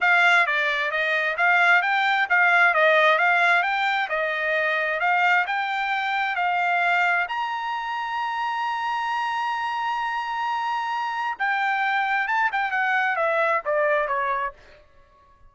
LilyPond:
\new Staff \with { instrumentName = "trumpet" } { \time 4/4 \tempo 4 = 132 f''4 d''4 dis''4 f''4 | g''4 f''4 dis''4 f''4 | g''4 dis''2 f''4 | g''2 f''2 |
ais''1~ | ais''1~ | ais''4 g''2 a''8 g''8 | fis''4 e''4 d''4 cis''4 | }